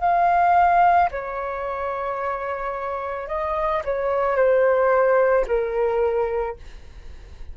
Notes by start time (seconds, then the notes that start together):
0.00 F5
1.11 C#5
3.28 D#5
3.84 C#5
4.36 C5
5.47 A#4